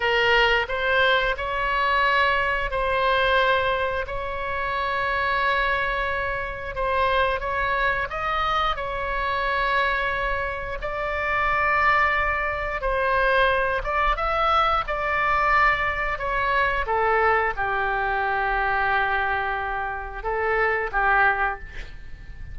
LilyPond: \new Staff \with { instrumentName = "oboe" } { \time 4/4 \tempo 4 = 89 ais'4 c''4 cis''2 | c''2 cis''2~ | cis''2 c''4 cis''4 | dis''4 cis''2. |
d''2. c''4~ | c''8 d''8 e''4 d''2 | cis''4 a'4 g'2~ | g'2 a'4 g'4 | }